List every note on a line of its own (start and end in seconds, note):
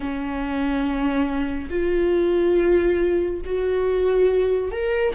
0.00 1.68 C#4
1.69 3.41 F4
3.45 4.71 F#4
4.71 5.14 A#4